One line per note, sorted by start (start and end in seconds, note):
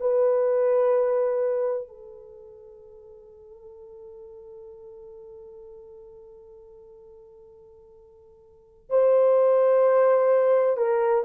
0.00 1.87 B4
1.87 8.90 A4
8.90 10.77 C5
10.77 11.24 A#4